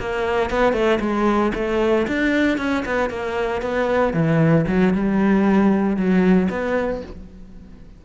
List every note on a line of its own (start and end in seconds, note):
0.00 0.50 A#3
0.50 0.73 B3
0.73 0.99 A3
1.00 1.52 G#3
1.55 2.07 A3
2.08 2.58 D4
2.58 2.84 C#4
2.86 3.10 B3
3.10 3.62 A#3
3.62 4.13 B3
4.13 4.66 E3
4.68 4.94 F#3
4.94 5.97 G3
5.97 6.49 F#3
6.50 7.02 B3